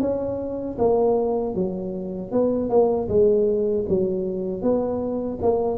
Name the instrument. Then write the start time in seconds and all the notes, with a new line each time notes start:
tuba
0.00 C#4
0.78 A#3
1.54 F#3
2.31 B3
2.69 A#3
3.08 G#3
3.88 F#3
4.62 B3
5.42 A#3